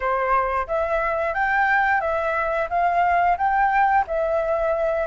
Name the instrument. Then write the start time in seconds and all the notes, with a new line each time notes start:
flute
0.00 C5
0.67 E5
1.34 G5
2.00 E5
2.69 F5
3.37 G5
4.07 E5